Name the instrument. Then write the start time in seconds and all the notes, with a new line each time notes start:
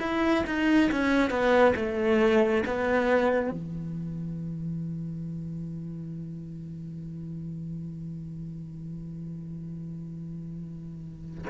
cello
0.00 E4
0.47 D#4
0.91 C#4
1.30 B3
1.76 A3
2.66 B3
3.51 E3